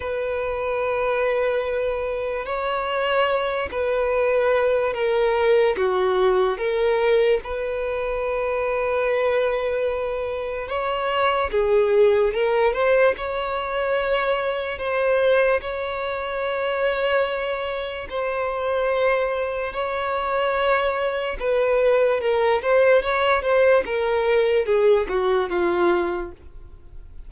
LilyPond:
\new Staff \with { instrumentName = "violin" } { \time 4/4 \tempo 4 = 73 b'2. cis''4~ | cis''8 b'4. ais'4 fis'4 | ais'4 b'2.~ | b'4 cis''4 gis'4 ais'8 c''8 |
cis''2 c''4 cis''4~ | cis''2 c''2 | cis''2 b'4 ais'8 c''8 | cis''8 c''8 ais'4 gis'8 fis'8 f'4 | }